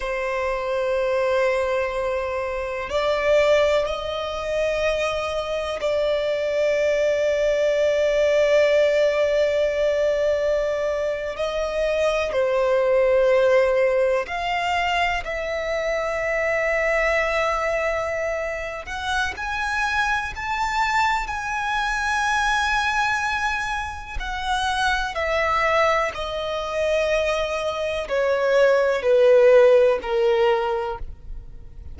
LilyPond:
\new Staff \with { instrumentName = "violin" } { \time 4/4 \tempo 4 = 62 c''2. d''4 | dis''2 d''2~ | d''2.~ d''8. dis''16~ | dis''8. c''2 f''4 e''16~ |
e''2.~ e''8 fis''8 | gis''4 a''4 gis''2~ | gis''4 fis''4 e''4 dis''4~ | dis''4 cis''4 b'4 ais'4 | }